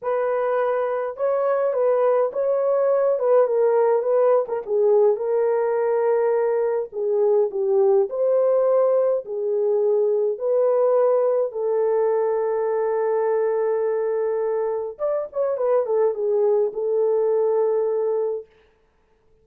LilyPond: \new Staff \with { instrumentName = "horn" } { \time 4/4 \tempo 4 = 104 b'2 cis''4 b'4 | cis''4. b'8 ais'4 b'8. ais'16 | gis'4 ais'2. | gis'4 g'4 c''2 |
gis'2 b'2 | a'1~ | a'2 d''8 cis''8 b'8 a'8 | gis'4 a'2. | }